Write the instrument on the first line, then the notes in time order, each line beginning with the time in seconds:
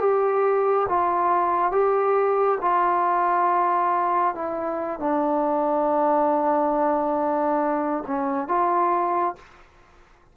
trombone
0.00 G4
0.89 F4
1.72 G4
2.61 F4
4.35 E4
5.00 D4
8.07 C#4
8.48 F4